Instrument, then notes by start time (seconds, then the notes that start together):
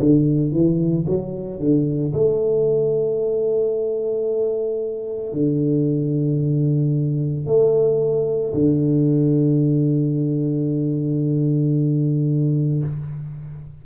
tuba
0.00 D3
0.52 E3
1.07 F#3
1.60 D3
2.14 A3
5.33 D3
7.47 A3
8.54 D3